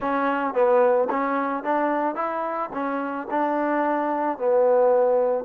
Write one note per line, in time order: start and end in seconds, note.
0.00 0.54 C#4
0.54 1.08 B3
1.10 1.63 C#4
1.63 2.15 D4
2.15 2.70 E4
2.73 3.27 C#4
3.30 4.37 D4
4.37 5.44 B3